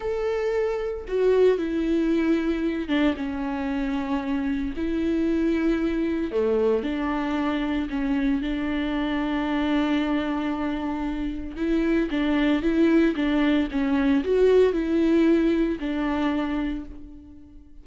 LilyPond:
\new Staff \with { instrumentName = "viola" } { \time 4/4 \tempo 4 = 114 a'2 fis'4 e'4~ | e'4. d'8 cis'2~ | cis'4 e'2. | a4 d'2 cis'4 |
d'1~ | d'2 e'4 d'4 | e'4 d'4 cis'4 fis'4 | e'2 d'2 | }